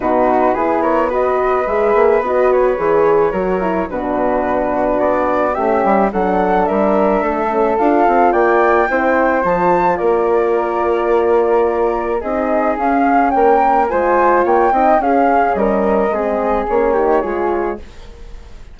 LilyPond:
<<
  \new Staff \with { instrumentName = "flute" } { \time 4/4 \tempo 4 = 108 b'4. cis''8 dis''4 e''4 | dis''8 cis''2~ cis''8 b'4~ | b'4 d''4 e''4 fis''4 | e''2 f''4 g''4~ |
g''4 a''4 d''2~ | d''2 dis''4 f''4 | g''4 gis''4 g''4 f''4 | dis''2 cis''2 | }
  \new Staff \with { instrumentName = "flute" } { \time 4/4 fis'4 gis'8 ais'8 b'2~ | b'2 ais'4 fis'4~ | fis'2 g'4 a'4 | ais'4 a'2 d''4 |
c''2 ais'2~ | ais'2 gis'2 | ais'4 c''4 cis''8 dis''8 gis'4 | ais'4 gis'4. g'8 gis'4 | }
  \new Staff \with { instrumentName = "horn" } { \time 4/4 dis'4 e'4 fis'4 gis'4 | fis'4 gis'4 fis'8 e'8 d'4~ | d'2 cis'4 d'4~ | d'4. cis'8 f'2 |
e'4 f'2.~ | f'2 dis'4 cis'4~ | cis'4 f'4. dis'8 cis'4~ | cis'4 c'4 cis'8 dis'8 f'4 | }
  \new Staff \with { instrumentName = "bassoon" } { \time 4/4 b,4 b2 gis8 ais8 | b4 e4 fis4 b,4~ | b,4 b4 a8 g8 fis4 | g4 a4 d'8 c'8 ais4 |
c'4 f4 ais2~ | ais2 c'4 cis'4 | ais4 gis4 ais8 c'8 cis'4 | g4 gis4 ais4 gis4 | }
>>